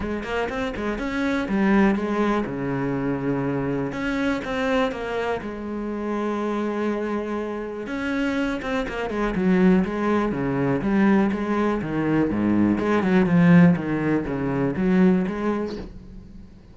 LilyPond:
\new Staff \with { instrumentName = "cello" } { \time 4/4 \tempo 4 = 122 gis8 ais8 c'8 gis8 cis'4 g4 | gis4 cis2. | cis'4 c'4 ais4 gis4~ | gis1 |
cis'4. c'8 ais8 gis8 fis4 | gis4 cis4 g4 gis4 | dis4 gis,4 gis8 fis8 f4 | dis4 cis4 fis4 gis4 | }